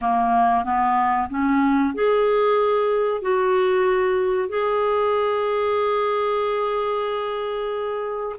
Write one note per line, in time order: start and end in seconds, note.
0.01 0.64 A#3
0.64 1.28 B3
1.29 1.94 C#4
1.94 3.21 G#4
3.21 4.48 F#4
4.48 8.35 G#4